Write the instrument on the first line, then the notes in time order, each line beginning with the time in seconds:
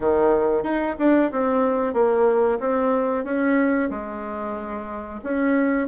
bassoon
0.00 D#3
0.63 D#4
0.98 D4
1.31 C4
1.93 A#3
2.59 C4
3.24 C#4
3.90 G#3
5.23 C#4